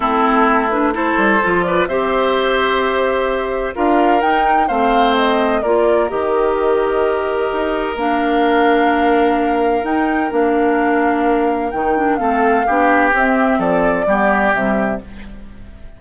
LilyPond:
<<
  \new Staff \with { instrumentName = "flute" } { \time 4/4 \tempo 4 = 128 a'4. b'8 c''4. d''8 | e''1 | f''4 g''4 f''4 dis''4 | d''4 dis''2.~ |
dis''4 f''2.~ | f''4 g''4 f''2~ | f''4 g''4 f''2 | e''4 d''2 e''4 | }
  \new Staff \with { instrumentName = "oboe" } { \time 4/4 e'2 a'4. b'8 | c''1 | ais'2 c''2 | ais'1~ |
ais'1~ | ais'1~ | ais'2 a'4 g'4~ | g'4 a'4 g'2 | }
  \new Staff \with { instrumentName = "clarinet" } { \time 4/4 c'4. d'8 e'4 f'4 | g'1 | f'4 dis'4 c'2 | f'4 g'2.~ |
g'4 d'2.~ | d'4 dis'4 d'2~ | d'4 dis'8 d'8 c'4 d'4 | c'2 b4 g4 | }
  \new Staff \with { instrumentName = "bassoon" } { \time 4/4 a2~ a8 g8 f4 | c'1 | d'4 dis'4 a2 | ais4 dis2. |
dis'4 ais2.~ | ais4 dis'4 ais2~ | ais4 dis4 a4 b4 | c'4 f4 g4 c4 | }
>>